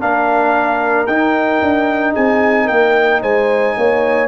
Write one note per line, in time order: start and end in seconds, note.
0.00 1.08 A#3
0.00 1.07 D4
0.00 2.14 A#4
0.00 1.06 F5
1.06 1.61 D#4
1.06 4.28 D#4
1.06 2.14 G5
1.62 2.15 D4
2.14 2.70 C4
2.14 2.66 G#4
2.14 2.67 G#5
2.66 3.22 A#3
2.66 3.19 A#4
2.66 3.21 G5
3.22 3.76 G#3
3.22 3.75 C5
3.22 4.28 G#5
3.77 4.28 A#3
3.77 4.28 C#5